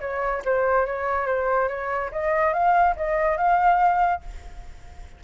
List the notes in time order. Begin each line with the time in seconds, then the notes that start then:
0.00 C#5
0.45 C5
0.86 C#5
1.26 C5
1.68 C#5
2.11 D#5
2.53 F5
2.96 D#5
3.37 F5